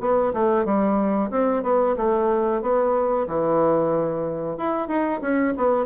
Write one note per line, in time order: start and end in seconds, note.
0.00 0.33 B3
0.33 0.65 A3
0.65 1.30 G3
1.30 1.63 C4
1.63 1.96 B3
1.96 2.61 A3
2.62 3.27 B3
3.27 4.57 E3
4.57 4.87 E4
4.87 5.20 D#4
5.21 5.54 C#4
5.57 5.85 B3